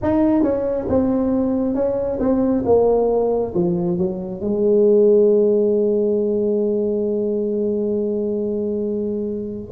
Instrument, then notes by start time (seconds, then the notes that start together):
tuba
0.02 D#4
0.42 C#4
0.88 C4
1.74 C#4
2.19 C4
2.65 A#3
3.54 F3
3.97 F#3
4.40 G#3